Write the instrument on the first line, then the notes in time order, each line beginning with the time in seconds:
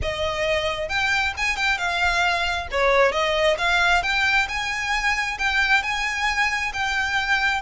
violin
0.02 D#5
0.88 G5
1.37 G#5
1.56 G5
1.78 F5
2.71 C#5
3.12 D#5
3.58 F5
4.02 G5
4.48 G#5
5.38 G5
5.82 G#5
6.73 G5